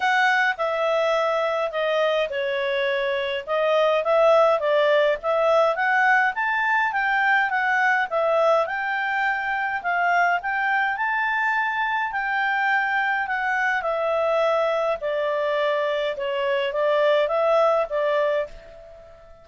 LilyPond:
\new Staff \with { instrumentName = "clarinet" } { \time 4/4 \tempo 4 = 104 fis''4 e''2 dis''4 | cis''2 dis''4 e''4 | d''4 e''4 fis''4 a''4 | g''4 fis''4 e''4 g''4~ |
g''4 f''4 g''4 a''4~ | a''4 g''2 fis''4 | e''2 d''2 | cis''4 d''4 e''4 d''4 | }